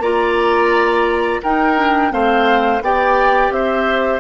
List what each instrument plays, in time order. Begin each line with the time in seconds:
0.00 bassoon A#3, clarinet F4, oboe D5, flute A#5
1.43 bassoon D#4, clarinet D#4, oboe A#4, flute G5
1.78 clarinet D4
2.11 bassoon A3, clarinet C4, oboe C5, flute F5
2.82 bassoon B3, clarinet G4, oboe D5, flute G5
3.50 bassoon C4, oboe C5, flute E5